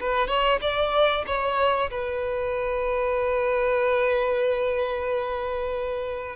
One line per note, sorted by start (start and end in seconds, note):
0.00 0.28 B4
0.28 0.59 C#5
0.61 1.25 D5
1.26 1.90 C#5
1.90 6.36 B4